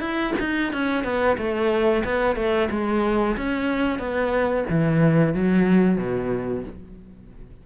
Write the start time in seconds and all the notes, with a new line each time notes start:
0.00 E4
0.40 D#4
0.73 C#4
1.04 B3
1.37 A3
2.04 B3
2.36 A3
2.70 G#3
3.37 C#4
3.99 B3
4.70 E3
5.34 F#3
5.98 B2